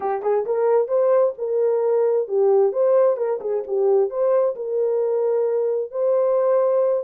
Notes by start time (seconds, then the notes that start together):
0.00 G4
0.22 G#4
0.45 A#4
0.88 C5
1.37 A#4
2.28 G4
2.72 C5
3.17 A#4
3.40 G#4
3.67 G4
4.10 C5
4.55 A#4
5.91 C5